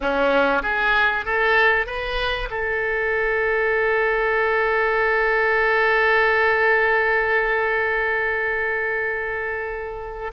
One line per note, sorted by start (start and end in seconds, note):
0.00 0.62 C#4
0.62 1.25 G#4
1.25 1.86 A4
1.86 2.48 B4
2.50 10.31 A4